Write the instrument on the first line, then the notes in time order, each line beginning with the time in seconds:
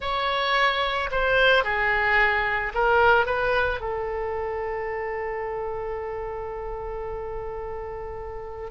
oboe
0.00 C#5
1.11 C5
1.63 G#4
2.74 A#4
3.26 B4
3.80 A4